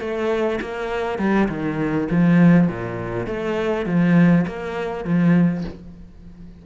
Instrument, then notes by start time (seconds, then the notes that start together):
cello
0.00 A3
0.61 A#3
1.19 G3
1.49 D#3
2.10 F3
2.68 A#2
3.26 A3
3.86 F3
4.47 A#3
5.05 F3